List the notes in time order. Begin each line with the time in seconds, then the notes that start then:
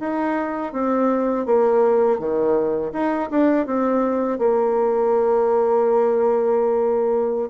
0.00 D#4
0.73 C4
1.46 A#3
2.20 D#3
2.93 D#4
3.31 D4
3.67 C4
4.39 A#3